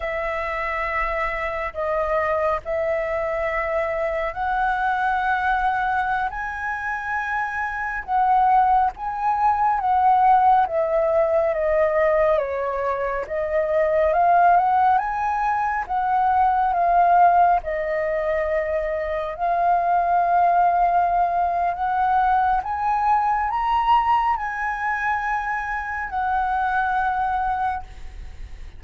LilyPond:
\new Staff \with { instrumentName = "flute" } { \time 4/4 \tempo 4 = 69 e''2 dis''4 e''4~ | e''4 fis''2~ fis''16 gis''8.~ | gis''4~ gis''16 fis''4 gis''4 fis''8.~ | fis''16 e''4 dis''4 cis''4 dis''8.~ |
dis''16 f''8 fis''8 gis''4 fis''4 f''8.~ | f''16 dis''2 f''4.~ f''16~ | f''4 fis''4 gis''4 ais''4 | gis''2 fis''2 | }